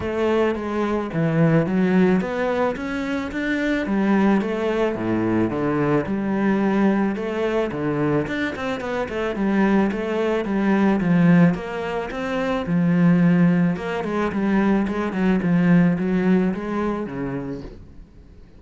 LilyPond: \new Staff \with { instrumentName = "cello" } { \time 4/4 \tempo 4 = 109 a4 gis4 e4 fis4 | b4 cis'4 d'4 g4 | a4 a,4 d4 g4~ | g4 a4 d4 d'8 c'8 |
b8 a8 g4 a4 g4 | f4 ais4 c'4 f4~ | f4 ais8 gis8 g4 gis8 fis8 | f4 fis4 gis4 cis4 | }